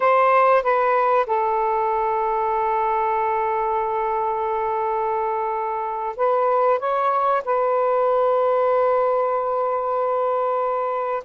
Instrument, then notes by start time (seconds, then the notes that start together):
saxophone
0.00 C5
0.62 B4
1.26 A4
6.16 B4
6.79 C#5
7.44 B4